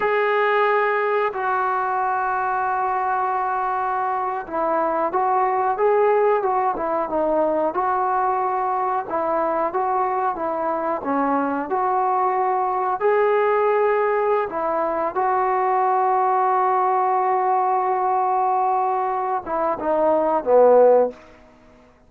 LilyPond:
\new Staff \with { instrumentName = "trombone" } { \time 4/4 \tempo 4 = 91 gis'2 fis'2~ | fis'2~ fis'8. e'4 fis'16~ | fis'8. gis'4 fis'8 e'8 dis'4 fis'16~ | fis'4.~ fis'16 e'4 fis'4 e'16~ |
e'8. cis'4 fis'2 gis'16~ | gis'2 e'4 fis'4~ | fis'1~ | fis'4. e'8 dis'4 b4 | }